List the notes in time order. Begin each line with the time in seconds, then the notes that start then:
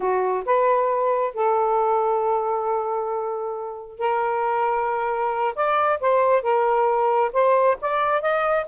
0.00 F#4
0.45 B4
1.33 A4
3.99 A#4
5.55 D5
6.00 C5
6.42 A#4
7.32 C5
7.81 D5
8.21 D#5